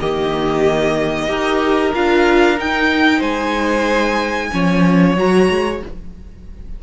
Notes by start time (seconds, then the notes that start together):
0.00 D#3 A#3 G4 D#5
1.28 D#4 G4 A#4
1.94 D4 F4 F5
2.56 D#4 G5
3.19 G#3 C5 G#5
4.52 F3 C#4 C#5
5.16 F#3 F#4 A#5
5.50 G#3